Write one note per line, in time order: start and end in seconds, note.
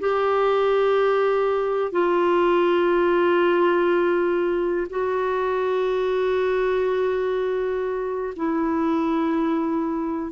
0.00 1.92 G4
1.92 4.87 F4
4.90 8.34 F#4
8.36 10.31 E4